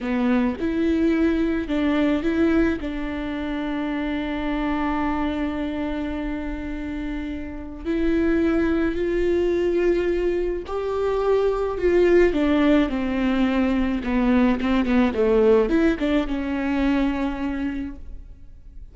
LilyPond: \new Staff \with { instrumentName = "viola" } { \time 4/4 \tempo 4 = 107 b4 e'2 d'4 | e'4 d'2.~ | d'1~ | d'2 e'2 |
f'2. g'4~ | g'4 f'4 d'4 c'4~ | c'4 b4 c'8 b8 a4 | e'8 d'8 cis'2. | }